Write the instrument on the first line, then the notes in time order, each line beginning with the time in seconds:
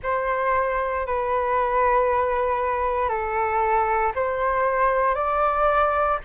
flute
0.03 C5
1.06 B4
3.08 A4
4.15 C5
5.14 D5